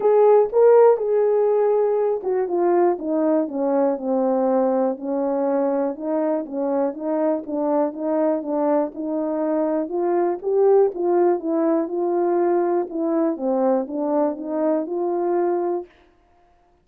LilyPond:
\new Staff \with { instrumentName = "horn" } { \time 4/4 \tempo 4 = 121 gis'4 ais'4 gis'2~ | gis'8 fis'8 f'4 dis'4 cis'4 | c'2 cis'2 | dis'4 cis'4 dis'4 d'4 |
dis'4 d'4 dis'2 | f'4 g'4 f'4 e'4 | f'2 e'4 c'4 | d'4 dis'4 f'2 | }